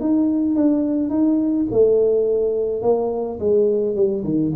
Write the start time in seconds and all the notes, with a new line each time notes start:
0.00 D#4
0.55 D4
1.09 D#4
1.71 A3
2.82 A#3
3.39 G#3
3.95 G3
4.24 D#3